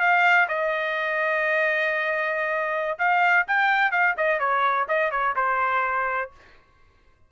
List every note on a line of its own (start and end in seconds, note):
0.00 0.48 F5
0.48 2.98 D#5
2.99 3.46 F5
3.48 3.92 G5
3.92 4.15 F5
4.17 4.40 D#5
4.40 4.87 C#5
4.89 5.11 D#5
5.11 5.35 C#5
5.36 6.31 C5